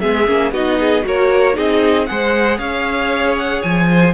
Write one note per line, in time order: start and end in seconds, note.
0.00 0.27 G#3
0.00 0.27 B3
0.00 0.53 G#4
0.00 0.52 E5
0.27 0.52 A#3
0.27 0.53 C#4
0.52 1.03 B3
0.52 1.02 D#4
0.52 0.79 F#4
0.52 1.05 D#5
0.79 1.05 G#4
1.02 1.57 A#3
1.02 1.53 F#4
1.02 1.56 A#4
1.02 1.57 C#5
1.53 2.09 C4
1.53 2.05 D#4
1.53 2.08 G#4
1.53 2.06 D#5
2.06 2.58 G#3
2.06 4.14 G#4
2.06 2.58 C5
2.06 2.58 F#5
2.58 3.62 C#4
2.58 3.87 C#5
2.58 3.36 F5
3.37 3.62 F#5
3.62 4.14 F3
3.62 4.14 G#5
3.91 4.14 C5